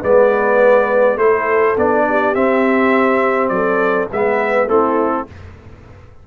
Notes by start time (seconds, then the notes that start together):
0.00 G#3 B3 B4 D5
1.17 A3 E4 A4 C5
1.78 B3 D4 D5
2.08 G4
2.35 C4 E5
3.49 F#3 A4 D5
4.11 G#3 B3 B4 E5
4.67 A3 C4 E4 A4